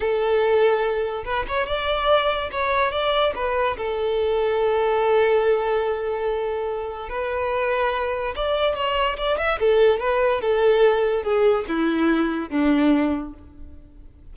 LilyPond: \new Staff \with { instrumentName = "violin" } { \time 4/4 \tempo 4 = 144 a'2. b'8 cis''8 | d''2 cis''4 d''4 | b'4 a'2.~ | a'1~ |
a'4 b'2. | d''4 cis''4 d''8 e''8 a'4 | b'4 a'2 gis'4 | e'2 d'2 | }